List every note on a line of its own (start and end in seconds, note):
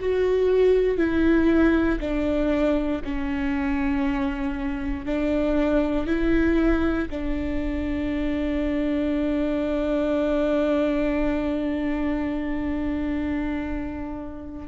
0.00 0.98 F#4
0.98 2.00 E4
2.01 3.02 D4
3.05 5.06 C#4
5.06 6.07 D4
6.07 7.09 E4
7.10 14.68 D4